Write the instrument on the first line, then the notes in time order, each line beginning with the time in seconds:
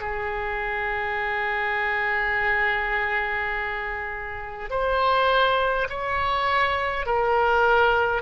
oboe
0.00 G#4
4.70 C5
5.89 C#5
7.06 A#4